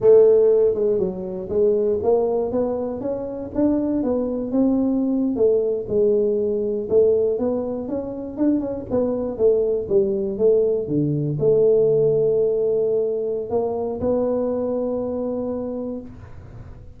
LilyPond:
\new Staff \with { instrumentName = "tuba" } { \time 4/4 \tempo 4 = 120 a4. gis8 fis4 gis4 | ais4 b4 cis'4 d'4 | b4 c'4.~ c'16 a4 gis16~ | gis4.~ gis16 a4 b4 cis'16~ |
cis'8. d'8 cis'8 b4 a4 g16~ | g8. a4 d4 a4~ a16~ | a2. ais4 | b1 | }